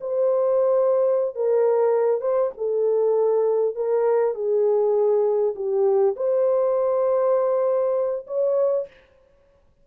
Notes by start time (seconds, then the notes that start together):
0.00 C5
1.35 A#4
2.20 C5
2.57 A4
3.75 A#4
4.34 G#4
5.55 G4
6.16 C5
8.27 C#5